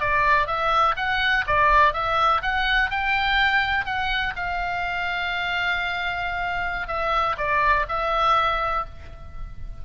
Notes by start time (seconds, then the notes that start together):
0.00 D5
0.47 E5
0.97 F#5
1.47 D5
1.94 E5
2.42 F#5
2.91 G5
3.86 F#5
4.36 F5
6.88 E5
7.38 D5
7.88 E5